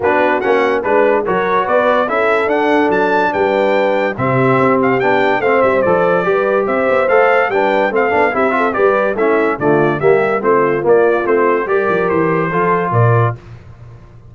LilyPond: <<
  \new Staff \with { instrumentName = "trumpet" } { \time 4/4 \tempo 4 = 144 b'4 fis''4 b'4 cis''4 | d''4 e''4 fis''4 a''4 | g''2 e''4. f''8 | g''4 f''8 e''8 d''2 |
e''4 f''4 g''4 f''4 | e''4 d''4 e''4 d''4 | e''4 c''4 d''4 c''4 | d''4 c''2 d''4 | }
  \new Staff \with { instrumentName = "horn" } { \time 4/4 fis'2 b'4 ais'4 | b'4 a'2. | b'2 g'2~ | g'4 c''2 b'4 |
c''2 b'4 a'4 | g'8 a'8 b'4 e'4 f'4 | g'4 f'2. | ais'2 a'4 ais'4 | }
  \new Staff \with { instrumentName = "trombone" } { \time 4/4 d'4 cis'4 d'4 fis'4~ | fis'4 e'4 d'2~ | d'2 c'2 | d'4 c'4 a'4 g'4~ |
g'4 a'4 d'4 c'8 d'8 | e'8 f'8 g'4 cis'4 a4 | ais4 c'4 ais4 c'4 | g'2 f'2 | }
  \new Staff \with { instrumentName = "tuba" } { \time 4/4 b4 ais4 gis4 fis4 | b4 cis'4 d'4 fis4 | g2 c4 c'4 | b4 a8 g8 f4 g4 |
c'8 b8 a4 g4 a8 b8 | c'4 g4 a4 d4 | g4 a4 ais4 a4 | g8 f8 e4 f4 ais,4 | }
>>